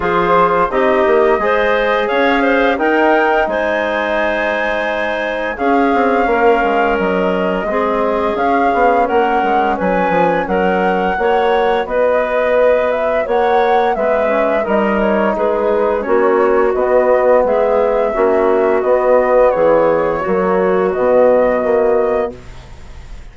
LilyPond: <<
  \new Staff \with { instrumentName = "flute" } { \time 4/4 \tempo 4 = 86 c''4 dis''2 f''4 | g''4 gis''2. | f''2 dis''2 | f''4 fis''4 gis''4 fis''4~ |
fis''4 dis''4. e''8 fis''4 | e''4 dis''8 cis''8 b'4 cis''4 | dis''4 e''2 dis''4 | cis''2 dis''2 | }
  \new Staff \with { instrumentName = "clarinet" } { \time 4/4 gis'4 g'4 c''4 cis''8 c''8 | ais'4 c''2. | gis'4 ais'2 gis'4~ | gis'4 ais'4 b'4 ais'4 |
cis''4 b'2 cis''4 | b'4 ais'4 gis'4 fis'4~ | fis'4 gis'4 fis'2 | gis'4 fis'2. | }
  \new Staff \with { instrumentName = "trombone" } { \time 4/4 f'4 dis'4 gis'2 | dis'1 | cis'2. c'4 | cis'1 |
fis'1 | b8 cis'8 dis'2 cis'4 | b2 cis'4 b4~ | b4 ais4 b4 ais4 | }
  \new Staff \with { instrumentName = "bassoon" } { \time 4/4 f4 c'8 ais8 gis4 cis'4 | dis'4 gis2. | cis'8 c'8 ais8 gis8 fis4 gis4 | cis'8 b8 ais8 gis8 fis8 f8 fis4 |
ais4 b2 ais4 | gis4 g4 gis4 ais4 | b4 gis4 ais4 b4 | e4 fis4 b,2 | }
>>